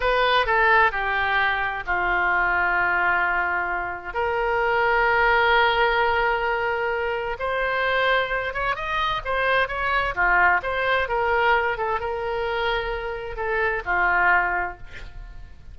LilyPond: \new Staff \with { instrumentName = "oboe" } { \time 4/4 \tempo 4 = 130 b'4 a'4 g'2 | f'1~ | f'4 ais'2.~ | ais'1 |
c''2~ c''8 cis''8 dis''4 | c''4 cis''4 f'4 c''4 | ais'4. a'8 ais'2~ | ais'4 a'4 f'2 | }